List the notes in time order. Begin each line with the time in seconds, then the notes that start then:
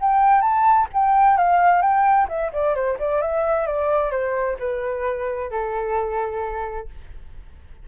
0.00 G5
0.41 A5
0.93 G5
1.37 F5
1.82 G5
2.28 E5
2.53 D5
2.75 C5
2.99 D5
3.21 E5
3.66 D5
4.11 C5
4.59 B4
5.50 A4